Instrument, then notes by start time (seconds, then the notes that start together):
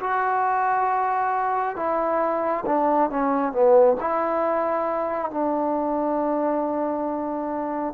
trombone
0.00 F#4
1.76 E4
2.66 D4
3.10 C#4
3.53 B3
4.00 E4
5.31 D4